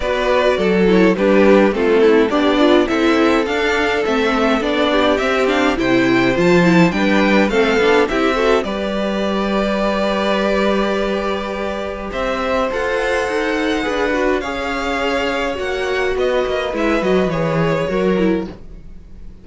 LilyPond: <<
  \new Staff \with { instrumentName = "violin" } { \time 4/4 \tempo 4 = 104 d''4. cis''8 b'4 a'4 | d''4 e''4 f''4 e''4 | d''4 e''8 f''8 g''4 a''4 | g''4 f''4 e''4 d''4~ |
d''1~ | d''4 e''4 fis''2~ | fis''4 f''2 fis''4 | dis''4 e''8 dis''8 cis''2 | }
  \new Staff \with { instrumentName = "violin" } { \time 4/4 b'4 a'4 g'4 f'8 e'8 | d'4 a'2.~ | a'8 g'4. c''2 | b'4 a'4 g'8 a'8 b'4~ |
b'1~ | b'4 c''2. | b'4 cis''2. | b'2. ais'4 | }
  \new Staff \with { instrumentName = "viola" } { \time 4/4 fis'4. e'8 d'4 c'4 | g'8 f'8 e'4 d'4 c'4 | d'4 c'8 d'8 e'4 f'8 e'8 | d'4 c'8 d'8 e'8 fis'8 g'4~ |
g'1~ | g'2 a'2 | gis'8 fis'8 gis'2 fis'4~ | fis'4 e'8 fis'8 gis'4 fis'8 e'8 | }
  \new Staff \with { instrumentName = "cello" } { \time 4/4 b4 fis4 g4 a4 | b4 c'4 d'4 a4 | b4 c'4 c4 f4 | g4 a8 b8 c'4 g4~ |
g1~ | g4 c'4 f'4 dis'4 | d'4 cis'2 ais4 | b8 ais8 gis8 fis8 e4 fis4 | }
>>